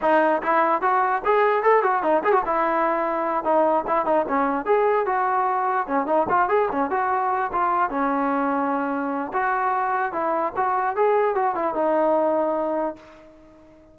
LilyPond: \new Staff \with { instrumentName = "trombone" } { \time 4/4 \tempo 4 = 148 dis'4 e'4 fis'4 gis'4 | a'8 fis'8 dis'8 gis'16 fis'16 e'2~ | e'8 dis'4 e'8 dis'8 cis'4 gis'8~ | gis'8 fis'2 cis'8 dis'8 f'8 |
gis'8 cis'8 fis'4. f'4 cis'8~ | cis'2. fis'4~ | fis'4 e'4 fis'4 gis'4 | fis'8 e'8 dis'2. | }